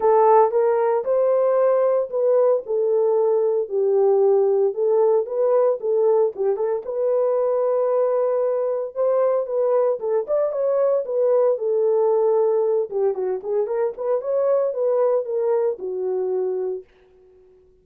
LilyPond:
\new Staff \with { instrumentName = "horn" } { \time 4/4 \tempo 4 = 114 a'4 ais'4 c''2 | b'4 a'2 g'4~ | g'4 a'4 b'4 a'4 | g'8 a'8 b'2.~ |
b'4 c''4 b'4 a'8 d''8 | cis''4 b'4 a'2~ | a'8 g'8 fis'8 gis'8 ais'8 b'8 cis''4 | b'4 ais'4 fis'2 | }